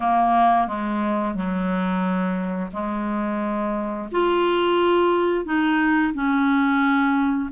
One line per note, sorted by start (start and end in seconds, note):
0.00 0.67 A#3
0.67 1.34 G#3
1.34 2.70 F#3
2.72 4.09 G#3
4.11 5.45 F4
5.45 6.13 D#4
6.13 7.50 C#4